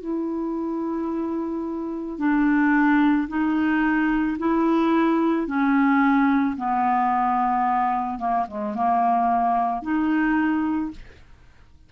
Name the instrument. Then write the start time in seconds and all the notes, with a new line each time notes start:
clarinet
0.00 E4
2.18 D4
3.28 D#4
4.38 E4
5.46 C#4
6.56 B3
8.18 A#3
8.47 G#3
8.74 A#3
9.82 D#4